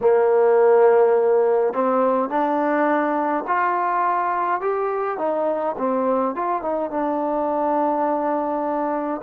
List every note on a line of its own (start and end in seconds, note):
0.01 1.73 A#3
1.73 2.29 C4
2.29 3.44 D4
3.47 4.60 F4
4.60 5.18 G4
5.18 5.75 D#4
5.77 6.35 C4
6.35 6.62 F4
6.62 6.90 D#4
6.90 9.20 D4